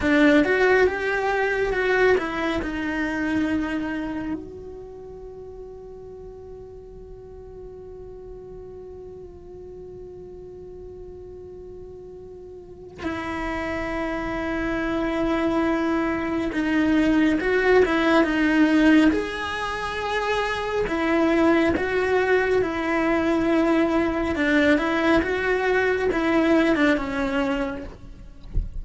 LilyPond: \new Staff \with { instrumentName = "cello" } { \time 4/4 \tempo 4 = 69 d'8 fis'8 g'4 fis'8 e'8 dis'4~ | dis'4 fis'2.~ | fis'1~ | fis'2. e'4~ |
e'2. dis'4 | fis'8 e'8 dis'4 gis'2 | e'4 fis'4 e'2 | d'8 e'8 fis'4 e'8. d'16 cis'4 | }